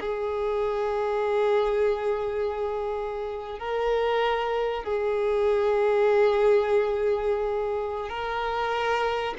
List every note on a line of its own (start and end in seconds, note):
0.00 3.59 G#4
3.59 4.84 A#4
4.84 8.09 G#4
8.09 9.34 A#4